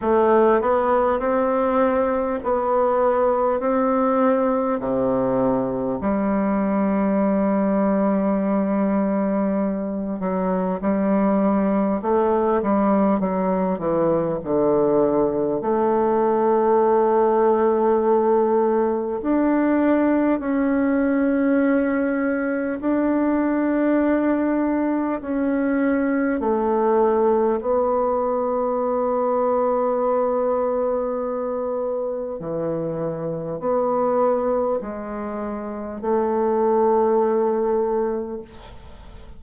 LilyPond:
\new Staff \with { instrumentName = "bassoon" } { \time 4/4 \tempo 4 = 50 a8 b8 c'4 b4 c'4 | c4 g2.~ | g8 fis8 g4 a8 g8 fis8 e8 | d4 a2. |
d'4 cis'2 d'4~ | d'4 cis'4 a4 b4~ | b2. e4 | b4 gis4 a2 | }